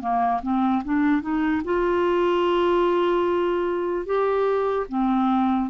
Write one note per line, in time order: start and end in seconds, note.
0.00 0.41 A#3
0.42 0.83 C4
0.84 1.21 D4
1.21 1.62 D#4
1.64 4.05 F4
4.05 4.86 G4
4.88 5.69 C4